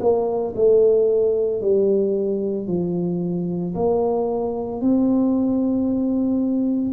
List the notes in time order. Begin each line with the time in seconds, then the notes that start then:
0.00 A#3
0.55 A3
1.61 G3
2.67 F3
3.75 A#3
4.81 C4